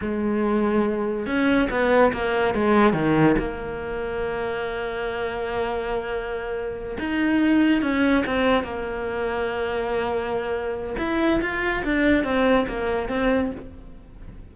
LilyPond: \new Staff \with { instrumentName = "cello" } { \time 4/4 \tempo 4 = 142 gis2. cis'4 | b4 ais4 gis4 dis4 | ais1~ | ais1~ |
ais8 dis'2 cis'4 c'8~ | c'8 ais2.~ ais8~ | ais2 e'4 f'4 | d'4 c'4 ais4 c'4 | }